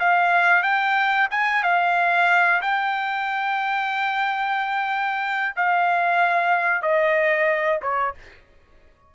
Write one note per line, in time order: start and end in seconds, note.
0.00 0.63 F5
0.63 1.28 G5
1.31 1.63 G#5
1.63 2.61 F5
2.62 5.55 G5
5.56 6.82 F5
6.82 7.80 D#5
7.82 8.15 C#5